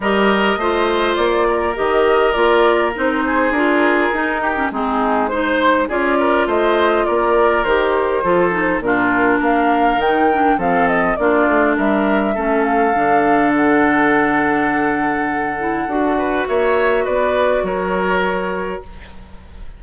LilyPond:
<<
  \new Staff \with { instrumentName = "flute" } { \time 4/4 \tempo 4 = 102 dis''2 d''4 dis''4 | d''4 c''4 ais'2 | gis'4 c''4 d''4 dis''4 | d''4 c''2 ais'4 |
f''4 g''4 f''8 dis''8 d''4 | e''4. f''4. fis''4~ | fis''1 | e''4 d''4 cis''2 | }
  \new Staff \with { instrumentName = "oboe" } { \time 4/4 ais'4 c''4. ais'4.~ | ais'4. gis'2 g'8 | dis'4 c''4 gis'8 ais'8 c''4 | ais'2 a'4 f'4 |
ais'2 a'4 f'4 | ais'4 a'2.~ | a'2.~ a'8 b'8 | cis''4 b'4 ais'2 | }
  \new Staff \with { instrumentName = "clarinet" } { \time 4/4 g'4 f'2 g'4 | f'4 dis'4 f'4 dis'8. cis'16 | c'4 dis'4 f'2~ | f'4 g'4 f'8 dis'8 d'4~ |
d'4 dis'8 d'8 c'4 d'4~ | d'4 cis'4 d'2~ | d'2~ d'8 e'8 fis'4~ | fis'1 | }
  \new Staff \with { instrumentName = "bassoon" } { \time 4/4 g4 a4 ais4 dis4 | ais4 c'4 d'4 dis'4 | gis2 cis'4 a4 | ais4 dis4 f4 ais,4 |
ais4 dis4 f4 ais8 a8 | g4 a4 d2~ | d2. d'4 | ais4 b4 fis2 | }
>>